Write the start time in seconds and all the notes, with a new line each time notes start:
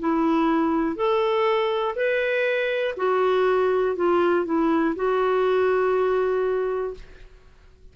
0.00 E4
0.96 A4
1.96 B4
2.97 F#4
3.96 F4
4.46 E4
4.96 F#4